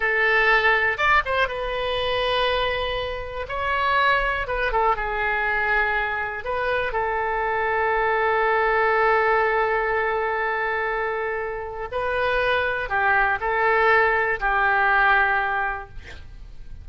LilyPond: \new Staff \with { instrumentName = "oboe" } { \time 4/4 \tempo 4 = 121 a'2 d''8 c''8 b'4~ | b'2. cis''4~ | cis''4 b'8 a'8 gis'2~ | gis'4 b'4 a'2~ |
a'1~ | a'1 | b'2 g'4 a'4~ | a'4 g'2. | }